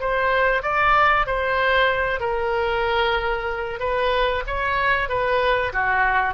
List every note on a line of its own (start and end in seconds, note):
0.00 0.62 C5
0.62 1.26 D5
1.26 2.20 C5
2.20 3.79 A#4
3.79 4.43 B4
4.47 5.08 C#5
5.08 5.72 B4
5.73 6.34 F#4